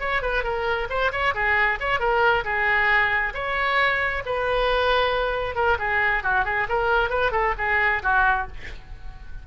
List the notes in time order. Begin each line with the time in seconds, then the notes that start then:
0.00 C#5
0.22 B4
0.44 A#4
0.90 C5
1.12 C#5
1.35 G#4
1.80 C#5
2.00 A#4
2.44 G#4
3.34 C#5
4.26 B4
5.56 A#4
5.79 G#4
6.23 F#4
6.45 G#4
6.69 A#4
7.10 B4
7.32 A4
7.58 G#4
8.03 F#4